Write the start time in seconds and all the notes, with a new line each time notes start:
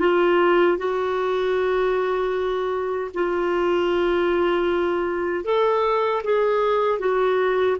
0.00 F4
0.78 F#4
3.15 F4
5.45 A4
6.24 G#4
7.00 F#4